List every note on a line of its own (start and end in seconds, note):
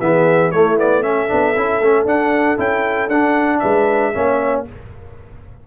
0.00 0.52 E3
0.00 0.53 B3
0.00 0.52 G#4
0.00 0.51 E5
0.51 1.30 A3
0.51 0.77 A3
0.51 1.04 E4
0.51 0.77 C#5
0.77 1.02 B3
0.77 1.03 D5
1.02 1.28 C#4
1.02 3.61 A4
1.02 2.06 E5
1.28 1.56 B3
1.28 1.54 D4
1.56 1.81 C#4
1.56 1.82 E4
1.81 2.05 A3
1.81 2.06 C#4
2.05 2.57 D4
2.05 2.59 F#5
2.57 3.08 C#4
2.57 3.09 E4
2.57 3.09 G5
3.08 3.60 D4
3.08 4.14 D4
3.08 3.59 F#5
3.59 4.15 G#3
3.59 4.13 B4
3.59 4.63 E5
4.14 4.67 A#3
4.14 4.65 C#4
4.14 4.66 C#5